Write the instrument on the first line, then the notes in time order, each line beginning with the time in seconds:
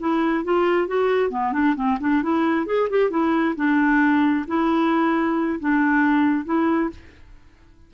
clarinet
0.00 E4
0.44 F4
0.88 F#4
1.31 B3
1.53 D4
1.76 C4
2.01 D4
2.23 E4
2.67 G#4
2.90 G4
3.11 E4
3.56 D4
4.48 E4
5.60 D4
6.46 E4